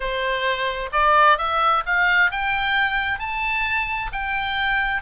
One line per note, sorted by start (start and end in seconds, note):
0.00 0.90 C5
0.92 1.38 D5
1.38 1.83 E5
1.85 2.31 F5
2.31 3.19 G5
3.19 4.11 A5
4.12 5.02 G5